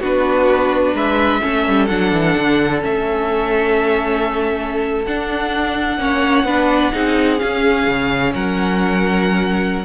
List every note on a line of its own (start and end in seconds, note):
0.00 0.93 B3
0.00 1.41 D4
0.00 0.94 F#4
0.00 0.96 B4
0.93 1.40 G#3
0.93 1.41 B4
0.93 1.86 E5
1.41 1.67 A3
1.41 1.88 C#4
1.41 5.99 A4
1.67 1.89 G3
1.86 2.12 F#3
1.86 2.81 D4
1.86 2.80 F#5
2.12 2.35 E3
2.37 2.84 D3
2.81 5.06 A3
2.81 5.03 C#4
2.81 5.05 E5
5.05 5.97 D4
5.05 5.99 D4
5.05 7.39 F#5
5.97 6.43 A#3
5.97 6.45 C#4
5.97 6.46 C#5
6.43 6.90 B3
6.43 6.92 D4
6.43 6.92 B4
6.92 7.41 C4
6.92 7.38 D#4
6.92 8.33 G#4
7.38 9.84 C#4
7.38 7.87 C#4
7.38 8.33 F5
7.87 8.34 C#3
8.34 9.85 F#3
8.34 9.85 A#4
8.34 9.85 F#5